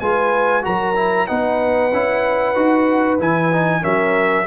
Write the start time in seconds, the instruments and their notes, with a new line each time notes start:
0.00 tuba G#3, trombone F4, horn B4, trumpet G#5
0.62 tuba F#3, trombone F#4, horn A#4, trumpet A#5
0.96 trombone E4
1.27 tuba B3, trombone D#4, horn B4, trumpet F#5
1.93 tuba C#4, trombone E4
2.55 tuba D#4, trombone F#4
3.20 tuba E3, trombone E4, trumpet G#5
3.52 trombone D#4
3.82 tuba F#3, trombone C#4, horn A#4, trumpet E5